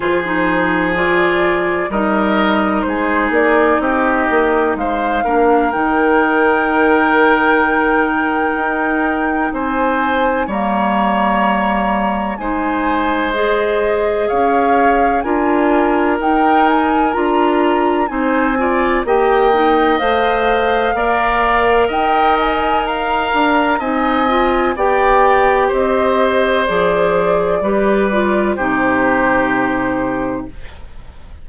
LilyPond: <<
  \new Staff \with { instrumentName = "flute" } { \time 4/4 \tempo 4 = 63 c''4 d''4 dis''4 c''8 d''8 | dis''4 f''4 g''2~ | g''2 gis''4 ais''4~ | ais''4 gis''4 dis''4 f''4 |
gis''4 g''8 gis''8 ais''4 gis''4 | g''4 f''2 g''8 gis''8 | ais''4 gis''4 g''4 dis''4 | d''2 c''2 | }
  \new Staff \with { instrumentName = "oboe" } { \time 4/4 gis'2 ais'4 gis'4 | g'4 c''8 ais'2~ ais'8~ | ais'2 c''4 cis''4~ | cis''4 c''2 cis''4 |
ais'2. c''8 d''8 | dis''2 d''4 dis''4 | f''4 dis''4 d''4 c''4~ | c''4 b'4 g'2 | }
  \new Staff \with { instrumentName = "clarinet" } { \time 4/4 f'16 dis'8. f'4 dis'2~ | dis'4. d'8 dis'2~ | dis'2. ais4~ | ais4 dis'4 gis'2 |
f'4 dis'4 f'4 dis'8 f'8 | g'8 dis'8 c''4 ais'2~ | ais'4 dis'8 f'8 g'2 | gis'4 g'8 f'8 dis'2 | }
  \new Staff \with { instrumentName = "bassoon" } { \time 4/4 f2 g4 gis8 ais8 | c'8 ais8 gis8 ais8 dis2~ | dis4 dis'4 c'4 g4~ | g4 gis2 cis'4 |
d'4 dis'4 d'4 c'4 | ais4 a4 ais4 dis'4~ | dis'8 d'8 c'4 b4 c'4 | f4 g4 c2 | }
>>